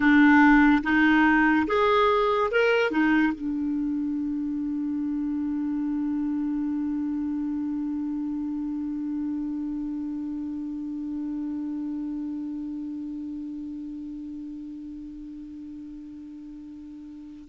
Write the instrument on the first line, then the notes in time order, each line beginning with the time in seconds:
clarinet
0.00 D4
0.83 D#4
1.67 G#4
2.51 A#4
2.90 D#4
3.34 D4